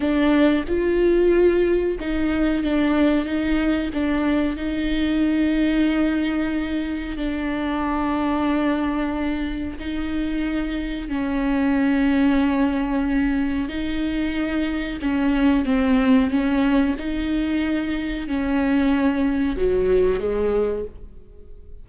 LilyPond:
\new Staff \with { instrumentName = "viola" } { \time 4/4 \tempo 4 = 92 d'4 f'2 dis'4 | d'4 dis'4 d'4 dis'4~ | dis'2. d'4~ | d'2. dis'4~ |
dis'4 cis'2.~ | cis'4 dis'2 cis'4 | c'4 cis'4 dis'2 | cis'2 fis4 gis4 | }